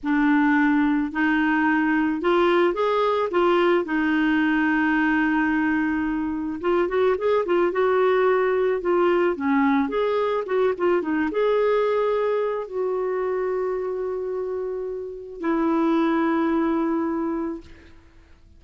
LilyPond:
\new Staff \with { instrumentName = "clarinet" } { \time 4/4 \tempo 4 = 109 d'2 dis'2 | f'4 gis'4 f'4 dis'4~ | dis'1 | f'8 fis'8 gis'8 f'8 fis'2 |
f'4 cis'4 gis'4 fis'8 f'8 | dis'8 gis'2~ gis'8 fis'4~ | fis'1 | e'1 | }